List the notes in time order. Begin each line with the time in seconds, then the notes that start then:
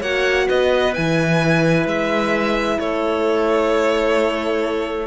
0.00 A#3 F#4 C#5 F#5
0.47 B3 B4 D#5
0.93 E3 E4 G#5
1.85 G#3 E5
2.79 A3 A4 C#5